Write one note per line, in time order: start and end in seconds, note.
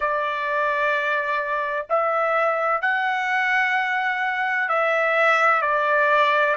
0.00 1.86 D5
1.89 2.81 E5
2.81 4.68 F#5
4.68 5.61 E5
5.61 6.55 D5